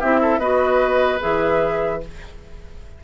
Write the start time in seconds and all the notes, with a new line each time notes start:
0.00 C4 E4 G4 E5
0.22 A4
0.39 B3 F#4 B4 D#5
1.20 E3 G#4 E5